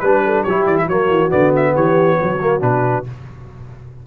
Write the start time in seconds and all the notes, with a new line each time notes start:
0.00 G3 D4 B4
0.25 A4
0.43 F#3 E4 G4 C#5
0.66 E3 D5
0.77 E5
0.85 F#3 A#3 F#4 C#5
1.10 E3
1.30 D3 B3 D5
1.56 E5
1.75 E3 G4 C#5
2.20 F#3 F#4
2.41 A#3
2.60 B2 D4 B4